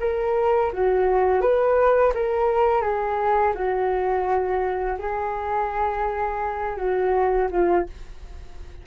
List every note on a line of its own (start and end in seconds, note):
0.00 0.71 A#4
0.73 1.41 F#4
1.41 2.13 B4
2.14 2.82 A#4
2.82 3.53 G#4
3.55 4.98 F#4
4.99 6.77 G#4
6.77 7.48 F#4
7.51 7.86 F4